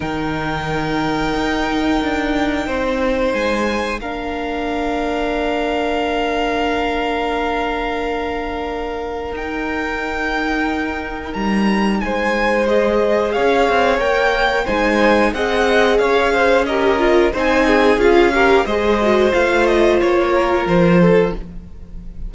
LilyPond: <<
  \new Staff \with { instrumentName = "violin" } { \time 4/4 \tempo 4 = 90 g''1~ | g''4 gis''4 f''2~ | f''1~ | f''2 g''2~ |
g''4 ais''4 gis''4 dis''4 | f''4 g''4 gis''4 fis''4 | f''4 dis''4 gis''4 f''4 | dis''4 f''8 dis''8 cis''4 c''4 | }
  \new Staff \with { instrumentName = "violin" } { \time 4/4 ais'1 | c''2 ais'2~ | ais'1~ | ais'1~ |
ais'2 c''2 | cis''2 c''4 dis''4 | cis''8 c''8 ais'4 c''8 gis'4 ais'8 | c''2~ c''8 ais'4 a'8 | }
  \new Staff \with { instrumentName = "viola" } { \time 4/4 dis'1~ | dis'2 d'2~ | d'1~ | d'2 dis'2~ |
dis'2. gis'4~ | gis'4 ais'4 dis'4 gis'4~ | gis'4 g'8 f'8 dis'4 f'8 g'8 | gis'8 fis'8 f'2. | }
  \new Staff \with { instrumentName = "cello" } { \time 4/4 dis2 dis'4 d'4 | c'4 gis4 ais2~ | ais1~ | ais2 dis'2~ |
dis'4 g4 gis2 | cis'8 c'8 ais4 gis4 c'4 | cis'2 c'4 cis'4 | gis4 a4 ais4 f4 | }
>>